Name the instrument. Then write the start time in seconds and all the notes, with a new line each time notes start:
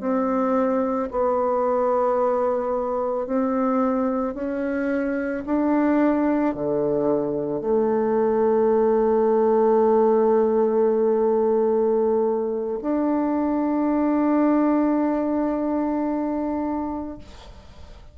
bassoon
0.00 C4
1.11 B3
3.26 C4
4.34 C#4
5.46 D4
6.55 D3
7.61 A3
12.81 D4